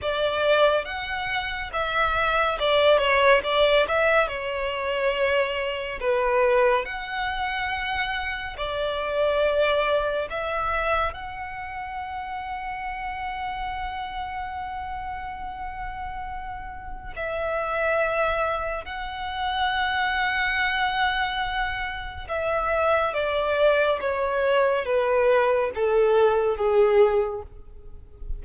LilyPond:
\new Staff \with { instrumentName = "violin" } { \time 4/4 \tempo 4 = 70 d''4 fis''4 e''4 d''8 cis''8 | d''8 e''8 cis''2 b'4 | fis''2 d''2 | e''4 fis''2.~ |
fis''1 | e''2 fis''2~ | fis''2 e''4 d''4 | cis''4 b'4 a'4 gis'4 | }